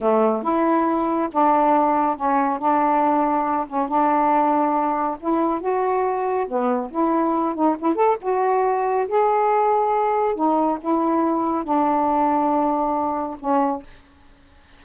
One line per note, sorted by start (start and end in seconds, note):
0.00 0.42 A3
0.42 1.29 E4
1.32 2.16 D4
2.16 2.58 C#4
2.58 3.66 D4
3.67 3.88 C#4
3.88 5.17 D4
5.19 5.60 E4
5.60 6.46 F#4
6.47 6.90 B3
6.91 7.54 E4
7.54 7.76 D#4
7.79 7.95 E4
7.95 8.17 A4
8.21 9.07 F#4
9.07 10.35 G#4
10.35 10.78 D#4
10.80 11.64 E4
11.64 13.36 D4
13.39 13.82 C#4